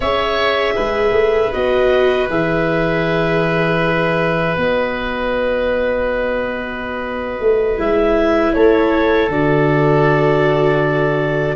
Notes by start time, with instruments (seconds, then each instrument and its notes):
0.00 tuba C#4, viola G#4, oboe C#5, clarinet E5
0.75 tuba G#3, oboe B4
1.12 tuba A3
1.52 tuba B3, viola F#4, clarinet D#5
2.29 tuba E3, viola G#4, clarinet E5
4.56 tuba B3, viola F#4, clarinet D#5
7.39 tuba A3
7.77 tuba G#3, viola E4, clarinet E5
8.53 tuba A3, oboe A4, clarinet C#5
9.28 tuba D3, viola F#4, clarinet D5